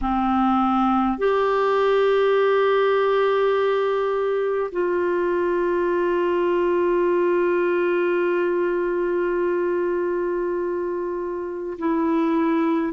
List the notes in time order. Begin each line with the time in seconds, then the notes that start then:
0.01 C4
1.18 G4
4.71 F4
11.78 E4